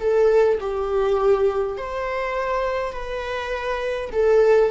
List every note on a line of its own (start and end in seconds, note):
0.00 0.59 A4
0.60 1.78 G4
1.78 2.93 C5
2.93 4.11 B4
4.13 4.71 A4